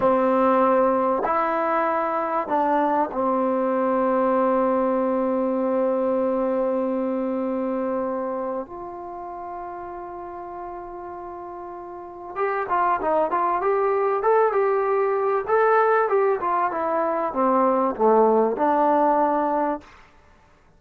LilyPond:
\new Staff \with { instrumentName = "trombone" } { \time 4/4 \tempo 4 = 97 c'2 e'2 | d'4 c'2.~ | c'1~ | c'2 f'2~ |
f'1 | g'8 f'8 dis'8 f'8 g'4 a'8 g'8~ | g'4 a'4 g'8 f'8 e'4 | c'4 a4 d'2 | }